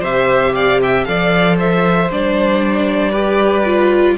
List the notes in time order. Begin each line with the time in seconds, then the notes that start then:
0.00 C3 G4 C5 E5
0.55 D5 F5
0.81 E5 G5
1.05 F3 A4 D5 F5
1.56 C5 E5
2.11 G3 D4 D5
3.11 G4 B4
3.65 F4